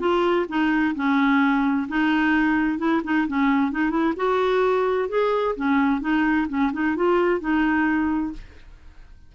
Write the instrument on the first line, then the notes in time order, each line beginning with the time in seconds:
clarinet
0.00 F4
0.49 D#4
0.95 C#4
1.88 D#4
2.78 E4
3.04 D#4
3.28 C#4
3.72 D#4
3.90 E4
4.17 F#4
5.09 G#4
5.56 C#4
6.01 D#4
6.48 C#4
6.73 D#4
6.96 F4
7.40 D#4